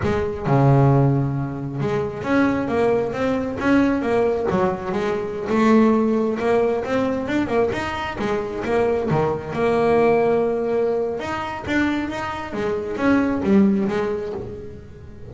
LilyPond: \new Staff \with { instrumentName = "double bass" } { \time 4/4 \tempo 4 = 134 gis4 cis2. | gis4 cis'4 ais4 c'4 | cis'4 ais4 fis4 gis4~ | gis16 a2 ais4 c'8.~ |
c'16 d'8 ais8 dis'4 gis4 ais8.~ | ais16 dis4 ais2~ ais8.~ | ais4 dis'4 d'4 dis'4 | gis4 cis'4 g4 gis4 | }